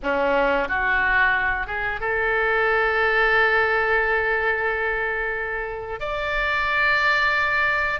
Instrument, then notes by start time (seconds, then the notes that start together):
oboe
0.02 C#4
0.68 F#4
1.67 G#4
2.00 A4
6.00 D5